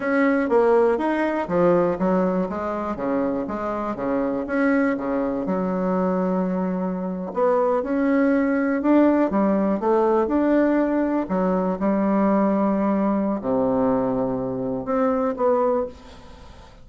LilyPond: \new Staff \with { instrumentName = "bassoon" } { \time 4/4 \tempo 4 = 121 cis'4 ais4 dis'4 f4 | fis4 gis4 cis4 gis4 | cis4 cis'4 cis4 fis4~ | fis2~ fis8. b4 cis'16~ |
cis'4.~ cis'16 d'4 g4 a16~ | a8. d'2 fis4 g16~ | g2. c4~ | c2 c'4 b4 | }